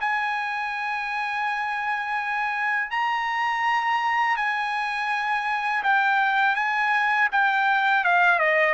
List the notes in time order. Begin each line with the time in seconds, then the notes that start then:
0.00 G#5
2.90 A#5
4.36 G#5
5.83 G5
6.55 G#5
7.32 G5
8.04 F5
8.39 D#5